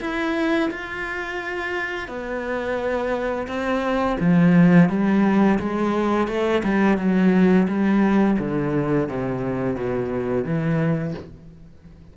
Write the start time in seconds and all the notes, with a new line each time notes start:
0.00 E4
0.70 F4
2.07 B3
3.47 C4
4.20 F3
4.89 G3
5.59 G#3
6.27 A3
6.63 G3
6.97 F#3
7.68 G3
8.38 D3
9.08 C3
9.75 B2
10.44 E3